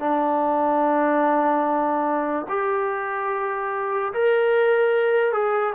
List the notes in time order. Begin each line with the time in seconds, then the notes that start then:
0.00 D4
2.49 G4
4.14 A#4
5.33 G#4